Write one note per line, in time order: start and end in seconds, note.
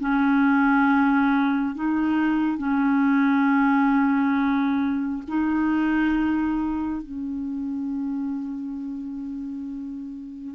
0.00 1.75 C#4
1.75 2.58 D#4
2.58 5.23 C#4
5.28 7.03 D#4
7.03 10.55 C#4